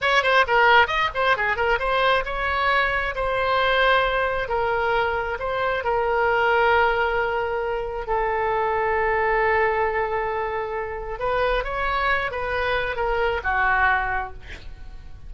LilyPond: \new Staff \with { instrumentName = "oboe" } { \time 4/4 \tempo 4 = 134 cis''8 c''8 ais'4 dis''8 c''8 gis'8 ais'8 | c''4 cis''2 c''4~ | c''2 ais'2 | c''4 ais'2.~ |
ais'2 a'2~ | a'1~ | a'4 b'4 cis''4. b'8~ | b'4 ais'4 fis'2 | }